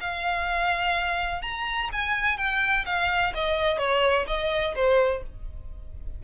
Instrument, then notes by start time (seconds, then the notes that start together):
violin
0.00 F5
1.42 A#5
1.92 G#5
2.37 G5
2.85 F5
3.34 D#5
3.78 C#5
4.27 D#5
4.75 C5